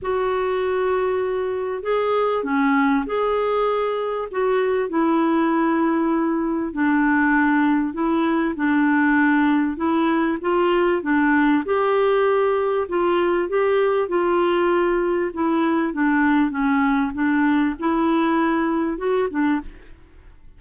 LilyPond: \new Staff \with { instrumentName = "clarinet" } { \time 4/4 \tempo 4 = 98 fis'2. gis'4 | cis'4 gis'2 fis'4 | e'2. d'4~ | d'4 e'4 d'2 |
e'4 f'4 d'4 g'4~ | g'4 f'4 g'4 f'4~ | f'4 e'4 d'4 cis'4 | d'4 e'2 fis'8 d'8 | }